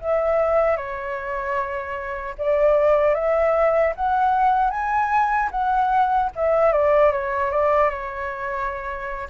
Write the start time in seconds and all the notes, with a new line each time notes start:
0.00 E5
0.76 C#5
2.38 D5
3.14 E5
3.95 F#5
4.70 G#5
5.51 F#5
6.36 E5
6.72 D5
7.12 C#5
7.51 D5
7.90 C#5